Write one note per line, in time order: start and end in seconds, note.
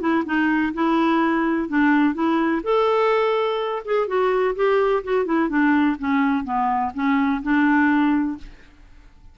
0.00 0.24 E4
0.25 0.73 D#4
0.74 1.68 E4
1.68 2.14 D4
2.14 2.62 E4
2.63 3.82 A4
3.85 4.07 G#4
4.07 4.55 F#4
4.55 5.03 G4
5.04 5.25 F#4
5.25 5.49 E4
5.49 5.97 D4
5.99 6.44 C#4
6.44 6.92 B3
6.94 7.42 C#4
7.42 8.37 D4